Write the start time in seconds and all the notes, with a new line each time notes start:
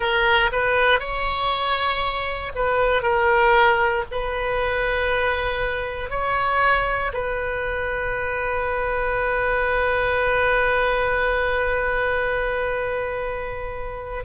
0.00 A#4
0.51 B4
0.99 C#5
2.55 B4
3.02 A#4
4.11 B4
6.10 C#5
7.13 B4